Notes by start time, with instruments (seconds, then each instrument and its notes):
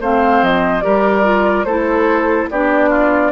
0.00 bassoon A3, clarinet C4, oboe C5, flute F5
0.41 bassoon F3, flute D#5
0.81 bassoon G3, clarinet G4, oboe A#4, flute D5
1.23 clarinet F4
1.64 bassoon A3, clarinet E4, oboe A4, flute C5
2.50 bassoon B3, clarinet D4, oboe G4, flute D5
2.89 oboe F4